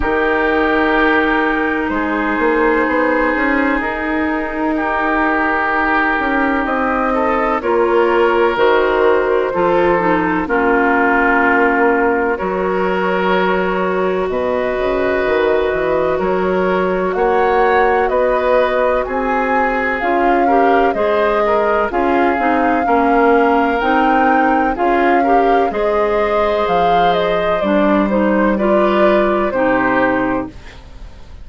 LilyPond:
<<
  \new Staff \with { instrumentName = "flute" } { \time 4/4 \tempo 4 = 63 ais'2 c''2 | ais'2. dis''4 | cis''4 c''2 ais'4~ | ais'4 cis''2 dis''4~ |
dis''4 cis''4 fis''4 dis''4 | gis''4 f''4 dis''4 f''4~ | f''4 g''4 f''4 dis''4 | f''8 dis''8 d''8 c''8 d''4 c''4 | }
  \new Staff \with { instrumentName = "oboe" } { \time 4/4 g'2 gis'2~ | gis'4 g'2~ g'8 a'8 | ais'2 a'4 f'4~ | f'4 ais'2 b'4~ |
b'4 ais'4 cis''4 b'4 | gis'4. ais'8 c''8 ais'8 gis'4 | ais'2 gis'8 ais'8 c''4~ | c''2 b'4 g'4 | }
  \new Staff \with { instrumentName = "clarinet" } { \time 4/4 dis'1~ | dis'1 | f'4 fis'4 f'8 dis'8 cis'4~ | cis'4 fis'2.~ |
fis'1~ | fis'4 f'8 g'8 gis'4 f'8 dis'8 | cis'4 dis'4 f'8 g'8 gis'4~ | gis'4 d'8 dis'8 f'4 dis'4 | }
  \new Staff \with { instrumentName = "bassoon" } { \time 4/4 dis2 gis8 ais8 b8 cis'8 | dis'2~ dis'8 cis'8 c'4 | ais4 dis4 f4 ais4~ | ais4 fis2 b,8 cis8 |
dis8 e8 fis4 ais4 b4 | c'4 cis'4 gis4 cis'8 c'8 | ais4 c'4 cis'4 gis4 | f4 g2 c4 | }
>>